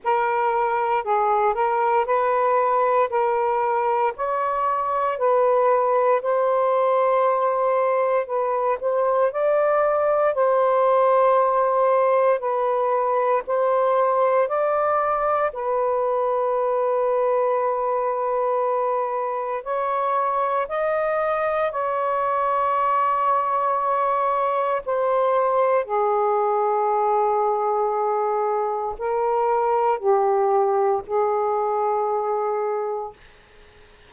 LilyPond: \new Staff \with { instrumentName = "saxophone" } { \time 4/4 \tempo 4 = 58 ais'4 gis'8 ais'8 b'4 ais'4 | cis''4 b'4 c''2 | b'8 c''8 d''4 c''2 | b'4 c''4 d''4 b'4~ |
b'2. cis''4 | dis''4 cis''2. | c''4 gis'2. | ais'4 g'4 gis'2 | }